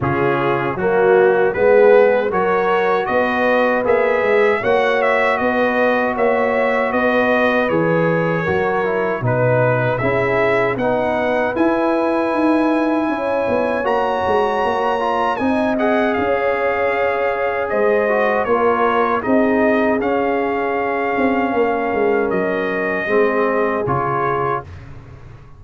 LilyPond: <<
  \new Staff \with { instrumentName = "trumpet" } { \time 4/4 \tempo 4 = 78 gis'4 fis'4 b'4 cis''4 | dis''4 e''4 fis''8 e''8 dis''4 | e''4 dis''4 cis''2 | b'4 e''4 fis''4 gis''4~ |
gis''2 ais''2 | gis''8 fis''8 f''2 dis''4 | cis''4 dis''4 f''2~ | f''4 dis''2 cis''4 | }
  \new Staff \with { instrumentName = "horn" } { \time 4/4 f'4 fis'4 gis'4 ais'4 | b'2 cis''4 b'4 | cis''4 b'2 ais'4 | b'4 gis'4 b'2~ |
b'4 cis''2. | dis''4 cis''2 c''4 | ais'4 gis'2. | ais'2 gis'2 | }
  \new Staff \with { instrumentName = "trombone" } { \time 4/4 cis'4 ais4 b4 fis'4~ | fis'4 gis'4 fis'2~ | fis'2 gis'4 fis'8 e'8 | dis'4 e'4 dis'4 e'4~ |
e'2 fis'4. f'8 | dis'8 gis'2. fis'8 | f'4 dis'4 cis'2~ | cis'2 c'4 f'4 | }
  \new Staff \with { instrumentName = "tuba" } { \time 4/4 cis4 fis4 gis4 fis4 | b4 ais8 gis8 ais4 b4 | ais4 b4 e4 fis4 | b,4 cis'4 b4 e'4 |
dis'4 cis'8 b8 ais8 gis8 ais4 | c'4 cis'2 gis4 | ais4 c'4 cis'4. c'8 | ais8 gis8 fis4 gis4 cis4 | }
>>